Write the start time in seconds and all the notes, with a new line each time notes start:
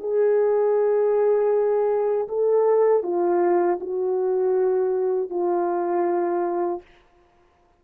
0.00 G#4
2.29 A4
3.03 F4
3.80 F#4
5.30 F4